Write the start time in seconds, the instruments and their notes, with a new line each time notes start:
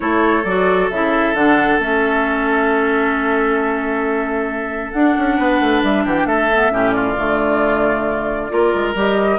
0.00 bassoon A3, clarinet E4, oboe A4, flute C#5
0.44 bassoon F#3, clarinet F#4, flute D5
0.90 bassoon C#3, clarinet E4, flute E5
1.34 bassoon D3, clarinet D4, flute F#5
1.78 bassoon A3, clarinet C#4, flute E5
4.92 bassoon D4, clarinet D4, flute F#5
5.17 bassoon C#4
5.36 bassoon B3, oboe B4
5.60 bassoon A3
5.82 bassoon G3, flute E5
6.04 bassoon E3, oboe G4, flute F#5
6.14 flute G5
6.25 bassoon A3, oboe A4, flute E5
6.52 clarinet B3
6.70 bassoon A2, clarinet C#4, oboe G4
6.91 oboe F4, flute D5
7.16 bassoon D3, clarinet A3
8.49 bassoon A#3, clarinet F4, oboe A#4
8.74 bassoon G#3
8.95 bassoon G3, clarinet G4, flute D#5